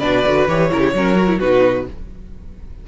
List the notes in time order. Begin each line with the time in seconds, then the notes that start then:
0.00 B2 D4 B4 D5
0.26 D3 F#4
0.49 E3 G4 C#5
0.72 C#3 E4 A#4
0.80 G4
0.94 F#3 C#4 A#4
1.16 F#4
1.28 E4
1.40 B2 D#4 F#4 B4